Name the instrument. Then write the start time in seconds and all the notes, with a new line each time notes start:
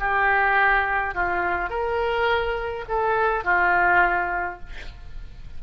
oboe
0.00 G4
1.15 F4
1.70 A#4
2.88 A4
3.45 F4